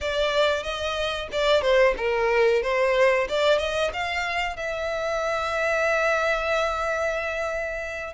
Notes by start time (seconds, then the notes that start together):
0.01 D5
0.63 D#5
1.32 D5
1.61 C5
1.97 A#4
2.62 C5
3.28 D5
3.58 D#5
3.93 F5
4.56 E5